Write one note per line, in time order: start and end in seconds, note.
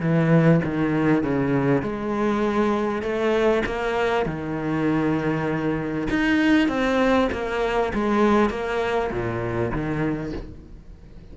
0.00 0.61 E3
0.64 1.23 D#3
1.23 1.82 C#3
1.82 3.02 G#3
3.02 3.63 A3
3.66 4.26 A#3
4.26 6.08 D#3
6.10 6.68 D#4
6.68 7.29 C4
7.32 7.93 A#3
7.94 8.50 G#3
8.50 9.10 A#3
9.11 9.72 A#2
9.72 10.33 D#3